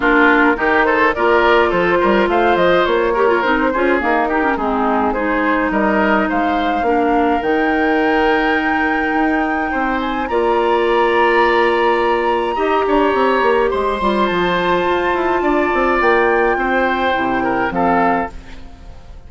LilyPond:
<<
  \new Staff \with { instrumentName = "flute" } { \time 4/4 \tempo 4 = 105 ais'4. c''8 d''4 c''4 | f''8 dis''8 cis''4 c''4 ais'4 | gis'4 c''4 dis''4 f''4~ | f''4 g''2.~ |
g''4. gis''8 ais''2~ | ais''1 | c'''4 a''2. | g''2. f''4 | }
  \new Staff \with { instrumentName = "oboe" } { \time 4/4 f'4 g'8 a'8 ais'4 a'8 ais'8 | c''4. ais'4 gis'4 g'8 | dis'4 gis'4 ais'4 c''4 | ais'1~ |
ais'4 c''4 d''2~ | d''2 dis''8 cis''4. | c''2. d''4~ | d''4 c''4. ais'8 a'4 | }
  \new Staff \with { instrumentName = "clarinet" } { \time 4/4 d'4 dis'4 f'2~ | f'4. g'16 f'16 dis'8 f'8 ais8 dis'16 cis'16 | c'4 dis'2. | d'4 dis'2.~ |
dis'2 f'2~ | f'2 g'2~ | g'8 f'2.~ f'8~ | f'2 e'4 c'4 | }
  \new Staff \with { instrumentName = "bassoon" } { \time 4/4 ais4 dis4 ais4 f8 g8 | a8 f8 ais4 c'8 cis'8 dis'4 | gis2 g4 gis4 | ais4 dis2. |
dis'4 c'4 ais2~ | ais2 dis'8 d'8 c'8 ais8 | gis8 g8 f4 f'8 e'8 d'8 c'8 | ais4 c'4 c4 f4 | }
>>